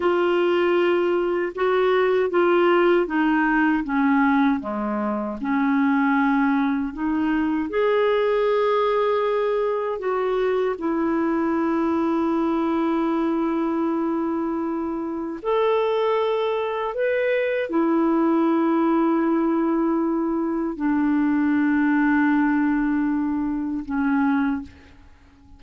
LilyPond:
\new Staff \with { instrumentName = "clarinet" } { \time 4/4 \tempo 4 = 78 f'2 fis'4 f'4 | dis'4 cis'4 gis4 cis'4~ | cis'4 dis'4 gis'2~ | gis'4 fis'4 e'2~ |
e'1 | a'2 b'4 e'4~ | e'2. d'4~ | d'2. cis'4 | }